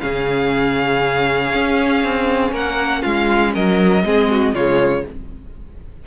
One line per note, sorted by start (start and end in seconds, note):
0.00 1.54 C#3
0.00 4.03 C#4
0.00 2.52 G#4
0.00 2.53 F5
1.54 2.03 C#4
2.03 2.51 C4
2.51 3.02 A#3
2.51 3.02 A#4
2.51 3.02 F#5
3.02 3.55 G#3
3.02 3.52 F4
3.02 3.53 F5
3.53 4.04 F#3
3.53 4.04 A#4
3.53 4.55 D#5
4.04 4.53 G#3
4.04 4.54 C4
4.04 4.31 G#4
4.31 4.54 F#4
4.53 5.03 C#3
4.53 5.06 G#3
4.53 5.04 F4
4.53 5.05 C#5